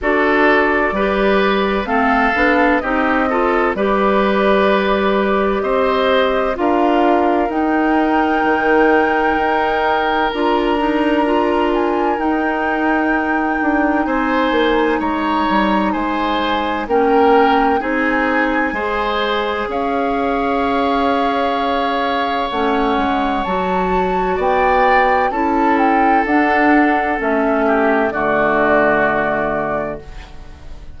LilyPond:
<<
  \new Staff \with { instrumentName = "flute" } { \time 4/4 \tempo 4 = 64 d''2 f''4 dis''4 | d''2 dis''4 f''4 | g''2. ais''4~ | ais''8 gis''8 g''2 gis''4 |
ais''4 gis''4 g''4 gis''4~ | gis''4 f''2. | fis''4 a''4 g''4 a''8 g''8 | fis''4 e''4 d''2 | }
  \new Staff \with { instrumentName = "oboe" } { \time 4/4 a'4 b'4 a'4 g'8 a'8 | b'2 c''4 ais'4~ | ais'1~ | ais'2. c''4 |
cis''4 c''4 ais'4 gis'4 | c''4 cis''2.~ | cis''2 d''4 a'4~ | a'4. g'8 fis'2 | }
  \new Staff \with { instrumentName = "clarinet" } { \time 4/4 fis'4 g'4 c'8 d'8 dis'8 f'8 | g'2. f'4 | dis'2. f'8 dis'8 | f'4 dis'2.~ |
dis'2 cis'4 dis'4 | gis'1 | cis'4 fis'2 e'4 | d'4 cis'4 a2 | }
  \new Staff \with { instrumentName = "bassoon" } { \time 4/4 d'4 g4 a8 b8 c'4 | g2 c'4 d'4 | dis'4 dis4 dis'4 d'4~ | d'4 dis'4. d'8 c'8 ais8 |
gis8 g8 gis4 ais4 c'4 | gis4 cis'2. | a8 gis8 fis4 b4 cis'4 | d'4 a4 d2 | }
>>